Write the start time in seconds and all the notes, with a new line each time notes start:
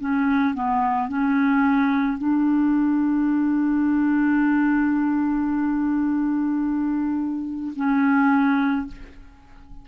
0.00 C#4
0.55 B3
1.08 C#4
2.18 D4
7.76 C#4